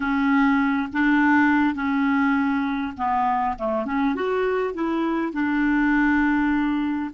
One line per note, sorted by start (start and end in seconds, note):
0.00 0.88 C#4
0.93 1.74 D4
1.74 2.93 C#4
2.97 3.56 B3
3.58 3.85 A3
3.85 4.15 C#4
4.15 4.74 F#4
4.74 5.32 E4
5.32 7.11 D4